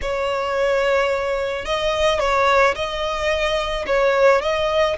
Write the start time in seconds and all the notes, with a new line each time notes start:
0.01 C#5
1.65 D#5
2.19 C#5
2.75 D#5
3.86 C#5
4.41 D#5